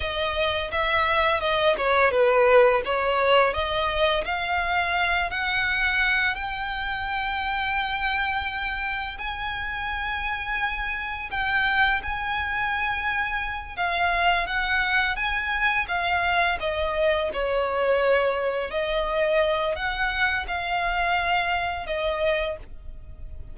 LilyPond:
\new Staff \with { instrumentName = "violin" } { \time 4/4 \tempo 4 = 85 dis''4 e''4 dis''8 cis''8 b'4 | cis''4 dis''4 f''4. fis''8~ | fis''4 g''2.~ | g''4 gis''2. |
g''4 gis''2~ gis''8 f''8~ | f''8 fis''4 gis''4 f''4 dis''8~ | dis''8 cis''2 dis''4. | fis''4 f''2 dis''4 | }